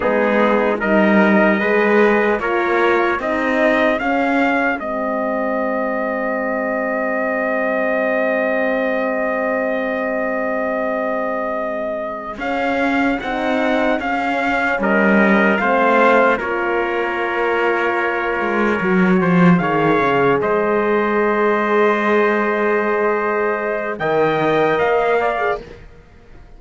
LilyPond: <<
  \new Staff \with { instrumentName = "trumpet" } { \time 4/4 \tempo 4 = 75 gis'4 dis''2 cis''4 | dis''4 f''4 dis''2~ | dis''1~ | dis''2.~ dis''8 f''8~ |
f''8 fis''4 f''4 dis''4 f''8~ | f''8 cis''2.~ cis''8~ | cis''8 f''4 dis''2~ dis''8~ | dis''2 g''4 f''4 | }
  \new Staff \with { instrumentName = "trumpet" } { \time 4/4 dis'4 ais'4 b'4 ais'4 | gis'1~ | gis'1~ | gis'1~ |
gis'2~ gis'8 ais'4 c''8~ | c''8 ais'2.~ ais'8 | c''8 cis''4 c''2~ c''8~ | c''2 dis''4. d''8 | }
  \new Staff \with { instrumentName = "horn" } { \time 4/4 b4 dis'4 gis'4 f'4 | dis'4 cis'4 c'2~ | c'1~ | c'2.~ c'8 cis'8~ |
cis'8 dis'4 cis'2 c'8~ | c'8 f'2. fis'8~ | fis'8 gis'2.~ gis'8~ | gis'2 ais'4.~ ais'16 gis'16 | }
  \new Staff \with { instrumentName = "cello" } { \time 4/4 gis4 g4 gis4 ais4 | c'4 cis'4 gis2~ | gis1~ | gis2.~ gis8 cis'8~ |
cis'8 c'4 cis'4 g4 a8~ | a8 ais2~ ais8 gis8 fis8 | f8 dis8 cis8 gis2~ gis8~ | gis2 dis4 ais4 | }
>>